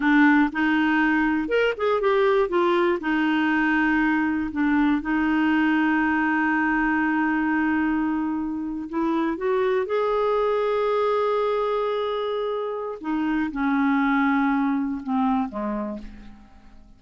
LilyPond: \new Staff \with { instrumentName = "clarinet" } { \time 4/4 \tempo 4 = 120 d'4 dis'2 ais'8 gis'8 | g'4 f'4 dis'2~ | dis'4 d'4 dis'2~ | dis'1~ |
dis'4.~ dis'16 e'4 fis'4 gis'16~ | gis'1~ | gis'2 dis'4 cis'4~ | cis'2 c'4 gis4 | }